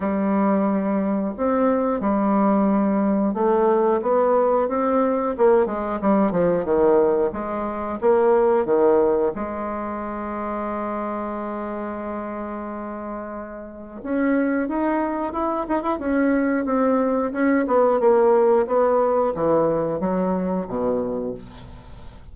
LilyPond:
\new Staff \with { instrumentName = "bassoon" } { \time 4/4 \tempo 4 = 90 g2 c'4 g4~ | g4 a4 b4 c'4 | ais8 gis8 g8 f8 dis4 gis4 | ais4 dis4 gis2~ |
gis1~ | gis4 cis'4 dis'4 e'8 dis'16 e'16 | cis'4 c'4 cis'8 b8 ais4 | b4 e4 fis4 b,4 | }